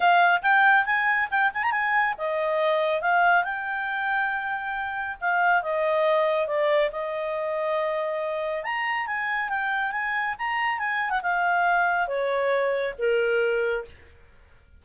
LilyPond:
\new Staff \with { instrumentName = "clarinet" } { \time 4/4 \tempo 4 = 139 f''4 g''4 gis''4 g''8 gis''16 ais''16 | gis''4 dis''2 f''4 | g''1 | f''4 dis''2 d''4 |
dis''1 | ais''4 gis''4 g''4 gis''4 | ais''4 gis''8. fis''16 f''2 | cis''2 ais'2 | }